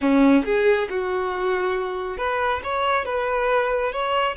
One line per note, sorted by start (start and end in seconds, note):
0.01 0.44 C#4
0.44 0.88 G#4
0.89 2.17 F#4
2.17 2.61 B4
2.63 3.05 C#5
3.05 3.92 B4
3.92 4.36 C#5